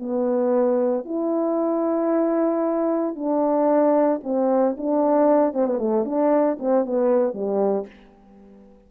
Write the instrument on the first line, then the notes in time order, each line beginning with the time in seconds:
horn
0.00 B3
1.06 E4
3.16 D4
4.24 C4
4.78 D4
5.54 C4
5.67 B3
5.79 A3
6.06 D4
6.60 C4
6.86 B3
7.34 G3